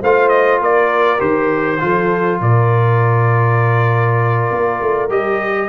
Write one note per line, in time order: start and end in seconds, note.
0.00 0.60 A3
0.00 1.18 F4
0.00 0.60 C5
0.00 0.28 F5
0.28 0.58 D#5
0.60 1.20 A#3
0.60 1.80 A#4
0.60 1.20 D5
1.18 1.81 D#3
1.18 1.78 G4
1.18 2.40 C5
1.80 2.40 F3
1.80 5.09 F4
1.80 2.41 A4
2.40 4.50 A#2
2.40 5.69 A#4
2.40 5.10 D5
4.50 4.80 A#3
4.81 5.09 A3
5.09 5.69 G3
5.09 5.69 G4
5.09 5.69 D#5